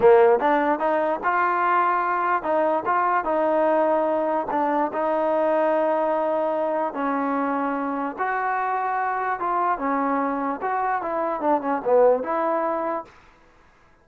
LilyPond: \new Staff \with { instrumentName = "trombone" } { \time 4/4 \tempo 4 = 147 ais4 d'4 dis'4 f'4~ | f'2 dis'4 f'4 | dis'2. d'4 | dis'1~ |
dis'4 cis'2. | fis'2. f'4 | cis'2 fis'4 e'4 | d'8 cis'8 b4 e'2 | }